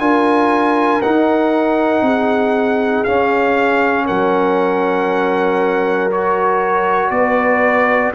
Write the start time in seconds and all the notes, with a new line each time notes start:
0.00 D4 F4 A#4 G#5
1.02 D#4 F#5
2.02 C4 G#4
3.04 C#4 F5
4.06 F#3 A#4 F#5
6.11 F#4 C#5
7.11 B3 B4 D5